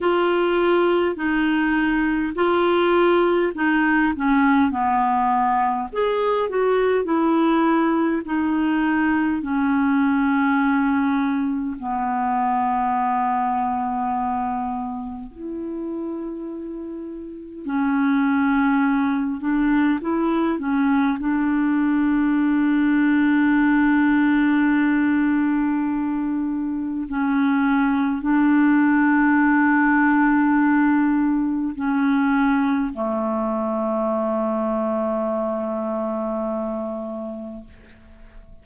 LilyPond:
\new Staff \with { instrumentName = "clarinet" } { \time 4/4 \tempo 4 = 51 f'4 dis'4 f'4 dis'8 cis'8 | b4 gis'8 fis'8 e'4 dis'4 | cis'2 b2~ | b4 e'2 cis'4~ |
cis'8 d'8 e'8 cis'8 d'2~ | d'2. cis'4 | d'2. cis'4 | a1 | }